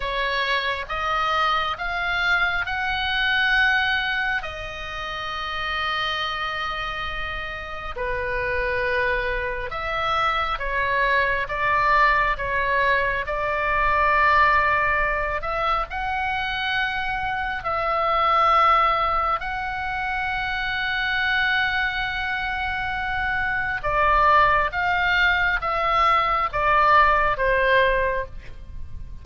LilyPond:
\new Staff \with { instrumentName = "oboe" } { \time 4/4 \tempo 4 = 68 cis''4 dis''4 f''4 fis''4~ | fis''4 dis''2.~ | dis''4 b'2 e''4 | cis''4 d''4 cis''4 d''4~ |
d''4. e''8 fis''2 | e''2 fis''2~ | fis''2. d''4 | f''4 e''4 d''4 c''4 | }